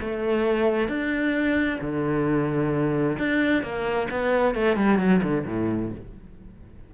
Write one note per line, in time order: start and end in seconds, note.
0.00 0.88 A3
0.88 1.79 D4
1.81 3.17 D3
3.18 3.62 D4
3.62 4.08 A#3
4.10 4.55 B3
4.55 4.76 A3
4.76 4.99 G3
4.99 5.21 F#3
5.23 5.45 D3
5.46 5.92 A2